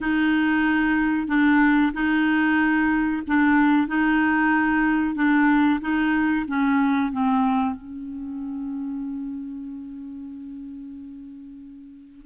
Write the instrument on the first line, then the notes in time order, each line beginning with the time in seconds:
clarinet
0.01 D#4
1.27 D4
1.93 D#4
3.27 D4
3.87 D#4
5.15 D4
5.81 D#4
6.47 C#4
7.12 C4
7.75 C#4